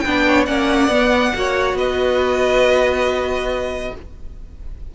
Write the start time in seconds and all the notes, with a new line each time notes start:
0.00 B3 D4 B4 G5
0.27 C#5
0.46 A#3 C#4 D5 F#5
0.88 B3
1.34 A#3 F#4 C#5
1.74 B3 B4 D#5